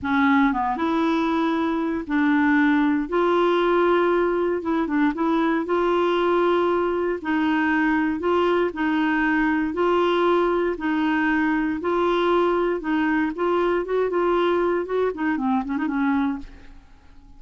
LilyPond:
\new Staff \with { instrumentName = "clarinet" } { \time 4/4 \tempo 4 = 117 cis'4 b8 e'2~ e'8 | d'2 f'2~ | f'4 e'8 d'8 e'4 f'4~ | f'2 dis'2 |
f'4 dis'2 f'4~ | f'4 dis'2 f'4~ | f'4 dis'4 f'4 fis'8 f'8~ | f'4 fis'8 dis'8 c'8 cis'16 dis'16 cis'4 | }